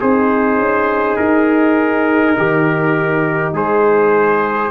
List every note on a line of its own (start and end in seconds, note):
0.00 0.58 C4
0.00 4.71 D#4
0.00 2.35 G#4
0.00 1.16 C5
0.58 1.16 C#4
1.16 2.37 D#4
1.16 3.52 A#4
2.37 3.53 D#3
2.37 3.54 G4
3.53 4.70 G#3
3.53 4.71 G#4
3.53 4.71 C5